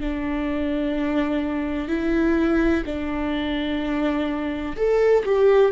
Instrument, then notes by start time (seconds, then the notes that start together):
viola
0.00 D4
1.88 E4
2.85 D4
4.76 A4
5.25 G4